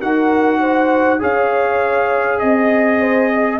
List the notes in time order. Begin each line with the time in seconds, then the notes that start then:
0.00 D#4 F#4 A#4 F#5
0.61 C5
1.20 C#4 G#4 C#5 F5
2.40 C4 D#5
3.01 C5
3.34 D#5